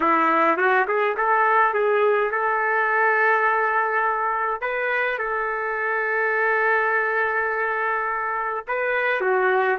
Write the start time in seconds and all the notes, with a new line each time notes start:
0.00 E4
0.57 F#4
0.87 G#4
1.16 A4
1.73 G#4
2.31 A4
4.61 B4
5.18 A4
8.67 B4
9.20 F#4